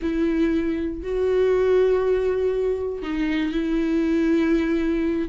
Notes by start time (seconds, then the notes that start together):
0.02 E4
1.02 F#4
3.02 D#4
3.52 E4